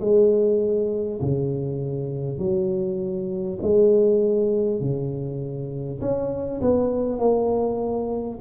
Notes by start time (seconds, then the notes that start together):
0.00 G#3
1.21 C#3
2.38 F#3
3.62 G#3
4.80 C#3
6.01 C#4
6.61 B3
7.18 A#3